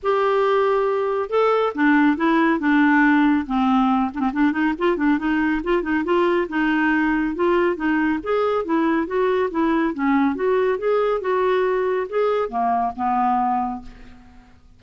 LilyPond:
\new Staff \with { instrumentName = "clarinet" } { \time 4/4 \tempo 4 = 139 g'2. a'4 | d'4 e'4 d'2 | c'4. d'16 c'16 d'8 dis'8 f'8 d'8 | dis'4 f'8 dis'8 f'4 dis'4~ |
dis'4 f'4 dis'4 gis'4 | e'4 fis'4 e'4 cis'4 | fis'4 gis'4 fis'2 | gis'4 ais4 b2 | }